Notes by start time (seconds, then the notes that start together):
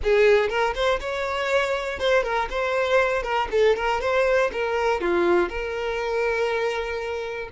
0.03 G#4
0.49 A#4
0.74 C5
1.00 C#5
1.99 C5
2.23 A#4
2.50 C5
3.22 A#4
3.51 A4
3.75 A#4
4.00 C5
4.52 A#4
5.00 F4
5.49 A#4